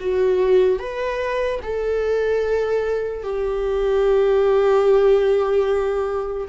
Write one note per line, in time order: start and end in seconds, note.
0.00 0.80 F#4
0.80 1.61 B4
1.63 3.24 A4
3.24 6.48 G4